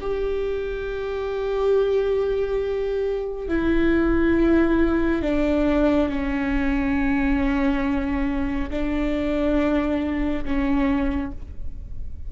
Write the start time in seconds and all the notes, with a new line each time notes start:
0.00 G4
3.48 E4
5.22 D4
6.08 C#4
8.70 D4
10.44 C#4